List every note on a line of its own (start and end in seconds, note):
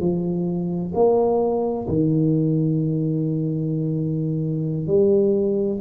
0.00 0.92 F3
0.94 1.87 A#3
1.88 4.87 D#3
4.87 5.79 G3